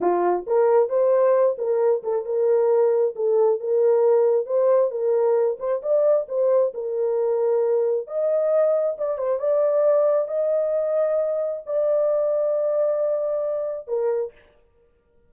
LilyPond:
\new Staff \with { instrumentName = "horn" } { \time 4/4 \tempo 4 = 134 f'4 ais'4 c''4. ais'8~ | ais'8 a'8 ais'2 a'4 | ais'2 c''4 ais'4~ | ais'8 c''8 d''4 c''4 ais'4~ |
ais'2 dis''2 | d''8 c''8 d''2 dis''4~ | dis''2 d''2~ | d''2. ais'4 | }